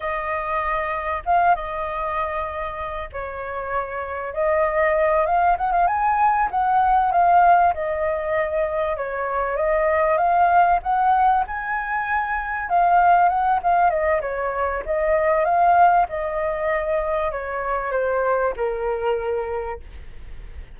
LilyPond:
\new Staff \with { instrumentName = "flute" } { \time 4/4 \tempo 4 = 97 dis''2 f''8 dis''4.~ | dis''4 cis''2 dis''4~ | dis''8 f''8 fis''16 f''16 gis''4 fis''4 f''8~ | f''8 dis''2 cis''4 dis''8~ |
dis''8 f''4 fis''4 gis''4.~ | gis''8 f''4 fis''8 f''8 dis''8 cis''4 | dis''4 f''4 dis''2 | cis''4 c''4 ais'2 | }